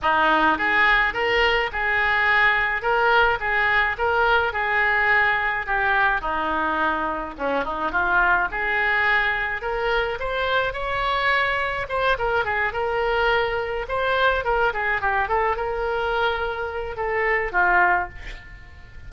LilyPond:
\new Staff \with { instrumentName = "oboe" } { \time 4/4 \tempo 4 = 106 dis'4 gis'4 ais'4 gis'4~ | gis'4 ais'4 gis'4 ais'4 | gis'2 g'4 dis'4~ | dis'4 cis'8 dis'8 f'4 gis'4~ |
gis'4 ais'4 c''4 cis''4~ | cis''4 c''8 ais'8 gis'8 ais'4.~ | ais'8 c''4 ais'8 gis'8 g'8 a'8 ais'8~ | ais'2 a'4 f'4 | }